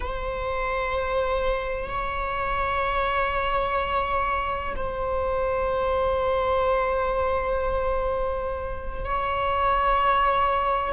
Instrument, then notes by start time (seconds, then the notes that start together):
viola
0.00 C5
1.88 C#5
4.76 C5
9.04 C#5